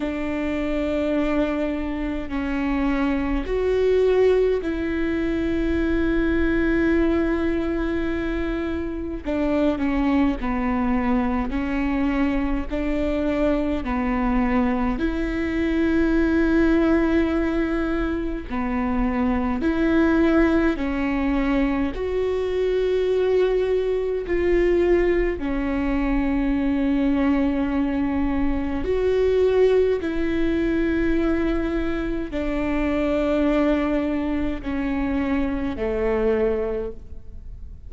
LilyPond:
\new Staff \with { instrumentName = "viola" } { \time 4/4 \tempo 4 = 52 d'2 cis'4 fis'4 | e'1 | d'8 cis'8 b4 cis'4 d'4 | b4 e'2. |
b4 e'4 cis'4 fis'4~ | fis'4 f'4 cis'2~ | cis'4 fis'4 e'2 | d'2 cis'4 a4 | }